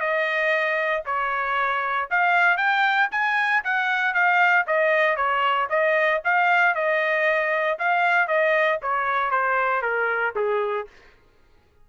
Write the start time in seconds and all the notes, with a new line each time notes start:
0.00 D#5
1.06 C#5
2.10 F5
2.57 G5
3.12 G#5
3.64 F#5
4.14 F5
4.67 D#5
5.16 C#5
5.69 D#5
6.24 F5
6.75 D#5
7.79 F5
8.28 D#5
8.82 C#5
9.31 C5
9.82 A#4
10.36 G#4